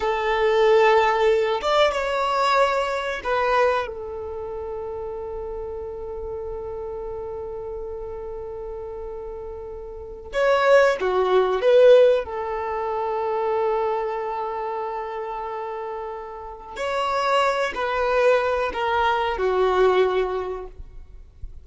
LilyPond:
\new Staff \with { instrumentName = "violin" } { \time 4/4 \tempo 4 = 93 a'2~ a'8 d''8 cis''4~ | cis''4 b'4 a'2~ | a'1~ | a'1 |
cis''4 fis'4 b'4 a'4~ | a'1~ | a'2 cis''4. b'8~ | b'4 ais'4 fis'2 | }